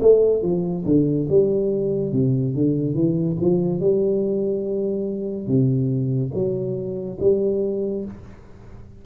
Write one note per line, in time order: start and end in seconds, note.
0.00 0.42 A3
0.42 0.85 F3
0.85 1.28 D3
1.29 2.12 G3
2.12 2.54 C3
2.55 2.94 D3
2.94 3.36 E3
3.40 3.80 F3
3.80 5.47 G3
5.47 6.31 C3
6.34 7.18 F#3
7.20 8.05 G3